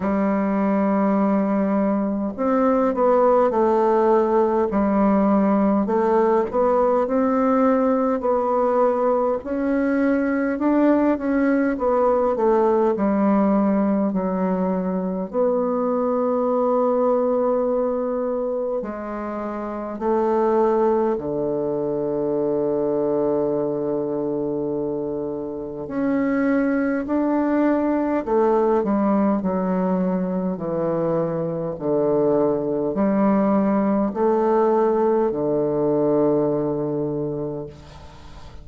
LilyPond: \new Staff \with { instrumentName = "bassoon" } { \time 4/4 \tempo 4 = 51 g2 c'8 b8 a4 | g4 a8 b8 c'4 b4 | cis'4 d'8 cis'8 b8 a8 g4 | fis4 b2. |
gis4 a4 d2~ | d2 cis'4 d'4 | a8 g8 fis4 e4 d4 | g4 a4 d2 | }